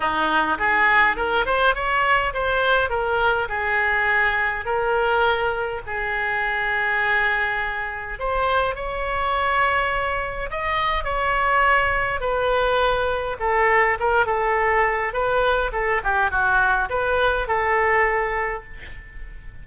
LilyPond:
\new Staff \with { instrumentName = "oboe" } { \time 4/4 \tempo 4 = 103 dis'4 gis'4 ais'8 c''8 cis''4 | c''4 ais'4 gis'2 | ais'2 gis'2~ | gis'2 c''4 cis''4~ |
cis''2 dis''4 cis''4~ | cis''4 b'2 a'4 | ais'8 a'4. b'4 a'8 g'8 | fis'4 b'4 a'2 | }